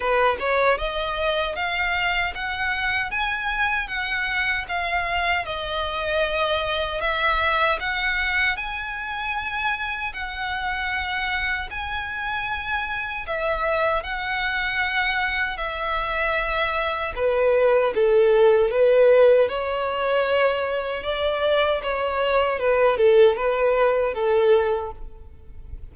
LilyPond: \new Staff \with { instrumentName = "violin" } { \time 4/4 \tempo 4 = 77 b'8 cis''8 dis''4 f''4 fis''4 | gis''4 fis''4 f''4 dis''4~ | dis''4 e''4 fis''4 gis''4~ | gis''4 fis''2 gis''4~ |
gis''4 e''4 fis''2 | e''2 b'4 a'4 | b'4 cis''2 d''4 | cis''4 b'8 a'8 b'4 a'4 | }